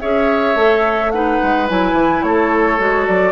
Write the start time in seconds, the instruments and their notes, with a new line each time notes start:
0.00 bassoon C#4, clarinet G#4, oboe C#5, flute E5
0.55 bassoon A3, clarinet A4
1.11 clarinet D#4, oboe B4, flute F#5
1.42 bassoon G#3
1.68 bassoon F#3, clarinet E4, flute G#5
1.92 bassoon E3
2.22 bassoon A3, oboe A4, flute C#5
2.78 bassoon G#3, clarinet F#4
3.06 bassoon F#3, flute D5